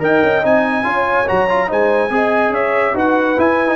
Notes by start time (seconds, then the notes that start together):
0.00 D#4 A#4 D#5 G5
0.23 C#4
0.43 C4 D#4 G#5
0.84 C#4 F4 C#5
1.27 F#3 F#4 A#5
1.49 F4
1.68 G#3 D#4 C5 G#5
2.10 C4 G#4 D#5
2.50 C#4 C#5 E5
2.94 D#4 F#4 B4 F#5
3.37 E4 G#5
3.68 D#4